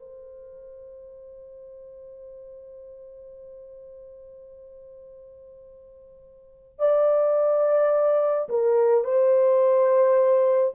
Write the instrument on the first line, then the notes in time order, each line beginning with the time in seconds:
horn
0.00 C5
6.79 D5
8.50 A#4
9.05 C5